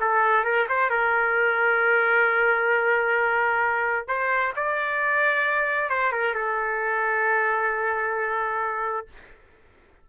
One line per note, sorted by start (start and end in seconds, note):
0.00 0.44 A4
0.44 0.67 A#4
0.69 0.89 C5
0.89 4.07 A#4
4.07 4.53 C5
4.56 5.89 D5
5.89 6.12 C5
6.12 6.34 A#4
6.34 9.07 A4